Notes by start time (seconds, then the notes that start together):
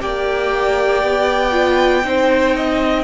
0.00 A#3 G4 D5 G5
1.03 B3
1.51 F4
2.04 C4 D#4 C5
2.56 D#5